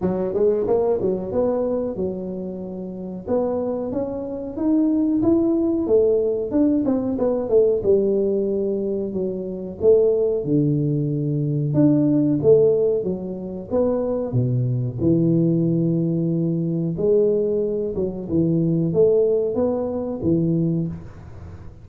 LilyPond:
\new Staff \with { instrumentName = "tuba" } { \time 4/4 \tempo 4 = 92 fis8 gis8 ais8 fis8 b4 fis4~ | fis4 b4 cis'4 dis'4 | e'4 a4 d'8 c'8 b8 a8 | g2 fis4 a4 |
d2 d'4 a4 | fis4 b4 b,4 e4~ | e2 gis4. fis8 | e4 a4 b4 e4 | }